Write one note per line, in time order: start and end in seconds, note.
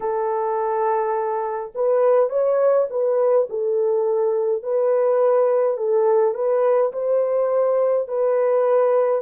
0.00 1.72 A4
1.74 2.29 B4
2.29 2.87 C#5
2.90 3.47 B4
3.49 4.62 A4
4.62 5.77 B4
5.77 6.34 A4
6.34 6.92 B4
6.92 8.08 C5
8.08 9.21 B4